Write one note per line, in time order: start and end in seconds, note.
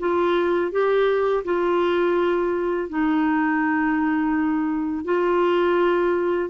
0.00 0.72 F4
0.72 1.44 G4
1.45 2.89 F4
2.89 5.05 D#4
5.05 6.50 F4